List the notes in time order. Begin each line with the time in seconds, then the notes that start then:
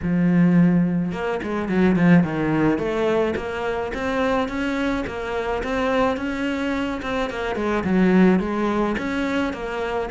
0.02 F3
1.12 A#3
1.42 G#3
1.68 F#3
1.96 F3
2.23 D#3
2.78 A3
3.36 A#3
3.94 C4
4.48 C#4
5.06 A#3
5.63 C4
6.17 C#4
7.01 C4
7.29 A#3
7.55 G#3
7.84 F#3
8.39 G#3
8.97 C#4
9.53 A#3